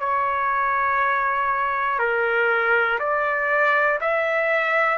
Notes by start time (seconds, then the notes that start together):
0.00 C#5
2.00 A#4
3.00 D5
4.01 E5